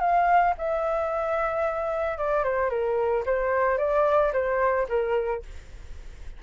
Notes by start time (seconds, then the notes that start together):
0.00 F5
0.57 E5
2.17 D5
2.43 C5
2.69 A#4
3.25 C5
3.78 D5
4.33 C5
4.88 A#4